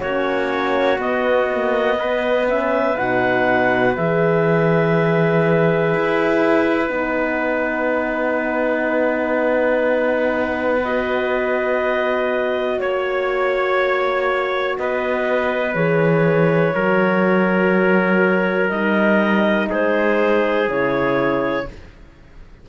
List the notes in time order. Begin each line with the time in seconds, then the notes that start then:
0.00 A#3 C#4 F#4 C#5
0.98 B3 D#5
1.52 A#3
1.98 B3 B4
2.46 C#4 E5
2.94 B2 D#4 F#5
3.95 E3 G#4 E5
5.94 E4
6.87 B3 D#4 F#5
10.83 F#4 D#5
12.79 A#3 C#5
14.78 B3 B4 D#5
15.74 E3 G#4 C#5
16.74 F#3 F#4 A#4
18.69 G3 D#4 D#5
19.69 G#3 G#4 C5
20.67 C#3 E4 C#5